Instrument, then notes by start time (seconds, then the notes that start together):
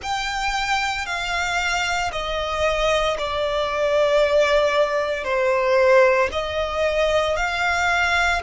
violin
0.02 G5
1.05 F5
2.11 D#5
3.18 D5
5.23 C5
6.32 D#5
7.36 F5